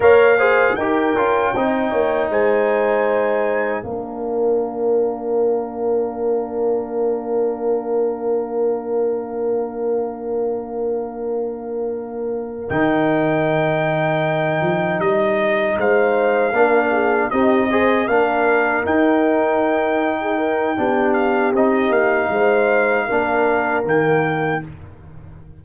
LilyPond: <<
  \new Staff \with { instrumentName = "trumpet" } { \time 4/4 \tempo 4 = 78 f''4 g''2 gis''4~ | gis''4 f''2.~ | f''1~ | f''1~ |
f''8 g''2. dis''8~ | dis''8 f''2 dis''4 f''8~ | f''8 g''2. f''8 | dis''8 f''2~ f''8 g''4 | }
  \new Staff \with { instrumentName = "horn" } { \time 4/4 cis''8 c''8 ais'4 dis''8 cis''8 c''4~ | c''4 ais'2.~ | ais'1~ | ais'1~ |
ais'1~ | ais'8 c''4 ais'8 gis'8 g'8 c''8 ais'8~ | ais'2~ ais'16 gis'16 ais'8 g'4~ | g'4 c''4 ais'2 | }
  \new Staff \with { instrumentName = "trombone" } { \time 4/4 ais'8 gis'8 g'8 f'8 dis'2~ | dis'4 d'2.~ | d'1~ | d'1~ |
d'8 dis'2.~ dis'8~ | dis'4. d'4 dis'8 gis'8 d'8~ | d'8 dis'2~ dis'8 d'4 | dis'2 d'4 ais4 | }
  \new Staff \with { instrumentName = "tuba" } { \time 4/4 ais4 dis'8 cis'8 c'8 ais8 gis4~ | gis4 ais2.~ | ais1~ | ais1~ |
ais8 dis2~ dis8 f8 g8~ | g8 gis4 ais4 c'4 ais8~ | ais8 dis'2~ dis'8 b4 | c'8 ais8 gis4 ais4 dis4 | }
>>